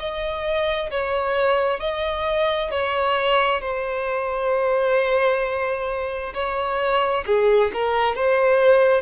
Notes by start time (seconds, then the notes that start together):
0.00 D#5
0.91 C#5
1.81 D#5
2.71 C#5
3.61 C5
6.34 C#5
7.26 G#4
7.74 A#4
8.16 C5